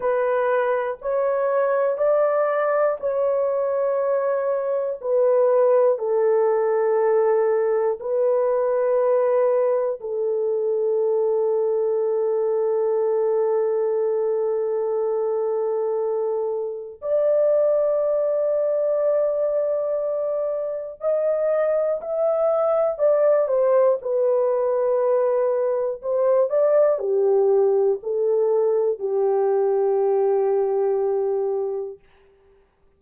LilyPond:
\new Staff \with { instrumentName = "horn" } { \time 4/4 \tempo 4 = 60 b'4 cis''4 d''4 cis''4~ | cis''4 b'4 a'2 | b'2 a'2~ | a'1~ |
a'4 d''2.~ | d''4 dis''4 e''4 d''8 c''8 | b'2 c''8 d''8 g'4 | a'4 g'2. | }